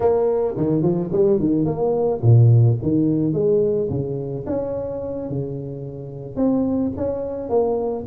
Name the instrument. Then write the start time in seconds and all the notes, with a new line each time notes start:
tuba
0.00 A#3
0.57 D#3
0.82 F3
1.11 G3
1.39 D#3
1.65 A#3
2.21 A#2
2.82 D#3
3.33 G#3
3.89 C#3
4.46 C#4
5.29 C#3
6.36 C4
6.96 C#4
7.49 A#3